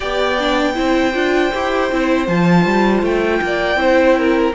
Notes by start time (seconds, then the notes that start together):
0.00 B3 G4 D5 G5
0.38 D4
0.74 C4 E4 C5
1.13 D4 F4
1.54 E4 G4
1.91 C4 E4
2.26 F3 F4 A5
2.65 G3
3.02 A3 G5
3.41 A#3 D5
3.75 C4 E4 C5
4.18 A#4